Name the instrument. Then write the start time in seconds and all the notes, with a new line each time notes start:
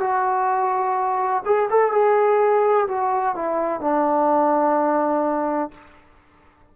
trombone
0.00 F#4
1.45 G#4
1.70 A4
1.91 G#4
2.87 F#4
3.35 E4
3.80 D4